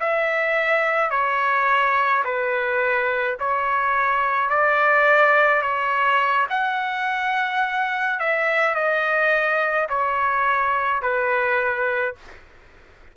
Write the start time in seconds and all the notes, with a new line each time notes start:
0.00 E5
1.10 C#5
2.24 B4
3.40 C#5
4.50 D5
5.62 C#5
6.49 F#5
8.19 E5
8.75 D#5
9.89 C#5
11.02 B4